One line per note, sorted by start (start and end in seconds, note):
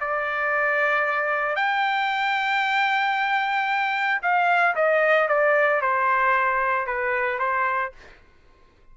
0.00 1.56 D5
1.56 4.21 G5
4.22 4.75 F5
4.75 5.28 D#5
5.28 5.81 D5
5.81 6.86 C5
6.86 7.39 B4
7.39 7.92 C5